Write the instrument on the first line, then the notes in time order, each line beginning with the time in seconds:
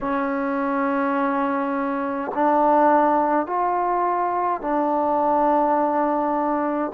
trombone
0.01 C#4
2.34 D4
3.46 F4
4.61 D4